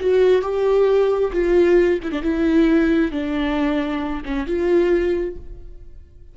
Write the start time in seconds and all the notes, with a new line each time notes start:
0.00 F#4
0.42 G4
1.33 F4
2.03 E4
2.12 D4
2.23 E4
3.12 D4
4.25 C#4
4.47 F4